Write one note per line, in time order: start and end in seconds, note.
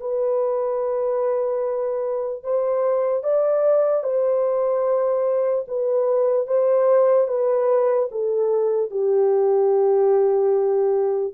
0.00 2.43 B4
2.43 3.23 C5
3.23 4.03 D5
4.03 5.65 C5
5.68 6.47 B4
6.47 7.28 C5
7.28 8.09 B4
8.11 8.90 A4
8.90 11.34 G4